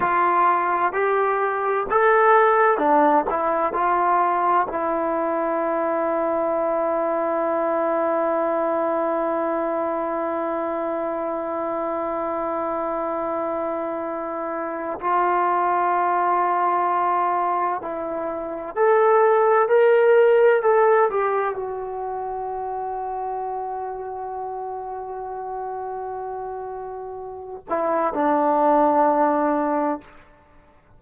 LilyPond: \new Staff \with { instrumentName = "trombone" } { \time 4/4 \tempo 4 = 64 f'4 g'4 a'4 d'8 e'8 | f'4 e'2.~ | e'1~ | e'1 |
f'2. e'4 | a'4 ais'4 a'8 g'8 fis'4~ | fis'1~ | fis'4. e'8 d'2 | }